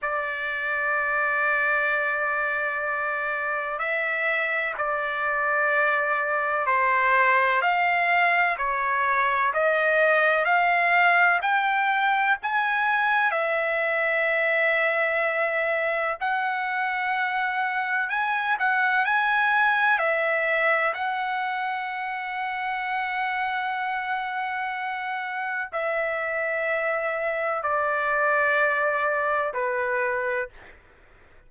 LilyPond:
\new Staff \with { instrumentName = "trumpet" } { \time 4/4 \tempo 4 = 63 d''1 | e''4 d''2 c''4 | f''4 cis''4 dis''4 f''4 | g''4 gis''4 e''2~ |
e''4 fis''2 gis''8 fis''8 | gis''4 e''4 fis''2~ | fis''2. e''4~ | e''4 d''2 b'4 | }